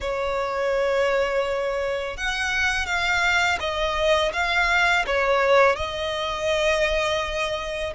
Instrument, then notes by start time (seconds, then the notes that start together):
violin
0.00 C#5
2.17 F#5
2.86 F5
3.59 D#5
4.32 F5
5.06 C#5
5.76 D#5